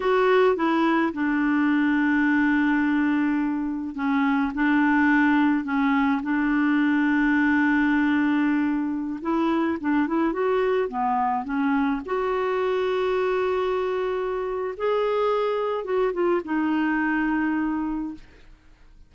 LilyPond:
\new Staff \with { instrumentName = "clarinet" } { \time 4/4 \tempo 4 = 106 fis'4 e'4 d'2~ | d'2. cis'4 | d'2 cis'4 d'4~ | d'1~ |
d'16 e'4 d'8 e'8 fis'4 b8.~ | b16 cis'4 fis'2~ fis'8.~ | fis'2 gis'2 | fis'8 f'8 dis'2. | }